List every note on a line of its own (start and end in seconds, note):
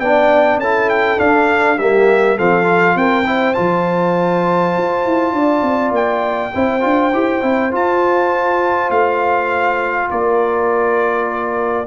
0.00 0.58 B3
0.00 0.63 D4
0.00 0.61 D5
0.00 0.59 G5
0.58 1.17 C#4
0.58 1.18 E4
0.58 1.77 A4
0.58 0.90 A5
0.90 1.20 G5
1.18 1.77 D4
1.18 1.78 D4
1.18 1.79 F5
1.77 2.38 G3
1.77 2.38 A#3
1.77 2.36 G4
1.77 2.38 E5
2.36 2.96 F3
2.36 2.64 C4
2.36 2.96 A4
2.36 2.98 F5
2.64 3.23 F4
2.96 3.55 C4
2.96 3.27 A#4
2.96 3.54 G5
3.27 3.55 E4
3.27 5.34 C5
3.54 4.77 F3
3.54 6.52 F4
3.54 5.92 A5
4.77 5.06 F4
5.06 5.33 E4
5.33 5.62 D4
5.33 6.53 D5
5.62 5.91 C4
5.91 6.51 A#3
5.91 7.73 G5
6.54 6.85 C4
6.54 6.81 E4
6.54 10.10 C5
6.81 7.14 D4
6.81 7.11 F4
7.14 7.43 E4
7.14 7.42 G4
7.42 7.72 C4
7.42 7.71 E4
7.71 11.87 F4
7.71 8.90 F4
7.71 8.91 A5
8.90 10.09 A3
8.90 10.10 F5
10.10 11.87 A#3
10.10 11.87 A#4
10.10 11.87 D5